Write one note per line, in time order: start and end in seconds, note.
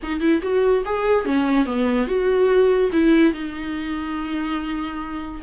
0.02 0.20 D#4
0.20 0.41 E4
0.42 0.84 F#4
0.85 1.25 G#4
1.25 1.65 C#4
1.65 2.07 B3
2.07 2.90 F#4
2.92 3.33 E4
3.33 5.41 D#4